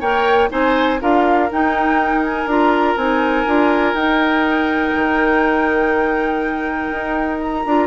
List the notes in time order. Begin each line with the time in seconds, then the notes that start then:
0.00 A#3 A#4 C#5 G5
0.49 C4 D#4 C5 G#5
1.01 D4 F4 A#4 F5
1.51 D#4 G5
2.24 G#5
2.46 D4 F4 A#5
2.96 C4 D#4 G#5
3.46 D4 F4
3.94 D#4 G5
4.95 D#3
6.91 D#4
7.40 A#5
7.65 D4 F4